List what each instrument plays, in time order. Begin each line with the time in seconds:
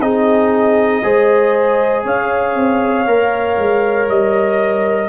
0.00 tuba C4, trombone D#4, horn G#4, trumpet D#5
1.03 tuba G#3, trombone G#4, horn C5
2.05 tuba C#4, horn C#5, trumpet F5
2.56 tuba C4
3.06 tuba A#3, trombone A#4
3.58 tuba G#3
4.08 tuba G3, trumpet D#5